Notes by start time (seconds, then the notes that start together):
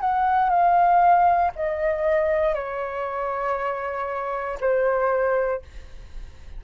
0.00 F#5
0.49 F5
1.55 D#5
2.54 C#5
4.60 C5